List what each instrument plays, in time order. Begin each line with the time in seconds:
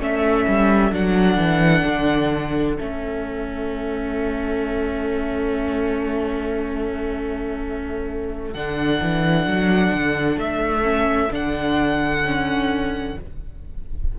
0.00 cello A3, viola C#4, violin A4 E5
0.49 cello G3
0.92 cello F#3, viola D4, violin F#5
1.38 cello E3
1.86 cello D3
2.77 cello A3, viola C#4, violin E5
8.54 cello D3, viola D4, violin F#5
9.02 cello E3
9.46 cello F#3
9.93 cello D3
10.37 cello A3, violin E5
10.83 viola C#4
11.31 cello D3, viola D4, violin F#5
12.25 viola C#4